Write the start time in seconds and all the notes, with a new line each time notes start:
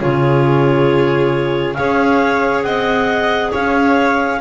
0.00 C#3 F4 G#4 C#5
1.73 C#4 G#4 C#5 F5
2.62 C4 D#5 F#5
3.51 C#4 C#5 F5